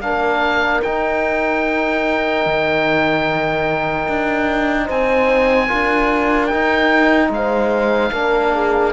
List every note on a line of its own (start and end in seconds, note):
0.00 0.81 A#3
0.00 0.83 D4
0.00 4.85 A#4
0.00 0.81 F5
0.82 2.45 D#4
0.82 5.68 D#4
0.82 4.88 G5
2.45 4.08 D#3
4.08 4.89 D4
4.85 5.70 C4
4.85 5.66 C5
4.85 6.47 G#5
5.67 6.53 D4
5.67 6.49 F4
5.67 7.29 A#4
6.47 8.12 D#4
6.47 7.28 G5
6.53 7.29 D#4
7.29 8.10 G#3
7.29 8.12 C5
7.29 8.92 F5
8.12 8.92 A#3
8.12 8.92 D4
8.12 8.53 A#4
8.53 8.92 G#4